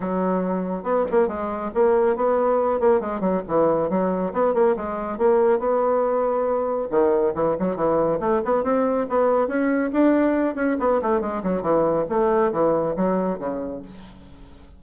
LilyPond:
\new Staff \with { instrumentName = "bassoon" } { \time 4/4 \tempo 4 = 139 fis2 b8 ais8 gis4 | ais4 b4. ais8 gis8 fis8 | e4 fis4 b8 ais8 gis4 | ais4 b2. |
dis4 e8 fis8 e4 a8 b8 | c'4 b4 cis'4 d'4~ | d'8 cis'8 b8 a8 gis8 fis8 e4 | a4 e4 fis4 cis4 | }